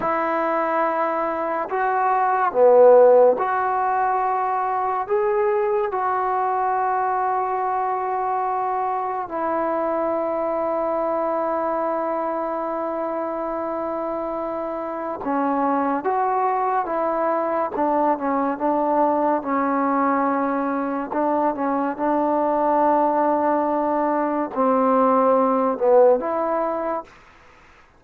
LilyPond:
\new Staff \with { instrumentName = "trombone" } { \time 4/4 \tempo 4 = 71 e'2 fis'4 b4 | fis'2 gis'4 fis'4~ | fis'2. e'4~ | e'1~ |
e'2 cis'4 fis'4 | e'4 d'8 cis'8 d'4 cis'4~ | cis'4 d'8 cis'8 d'2~ | d'4 c'4. b8 e'4 | }